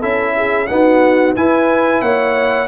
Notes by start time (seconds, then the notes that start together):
0.00 C#4 E4 A4 E5
0.36 G#4
0.67 B3 D#4 F#4 F#5
1.36 E4 B4 G#5
2.02 A#3 C#5 F#5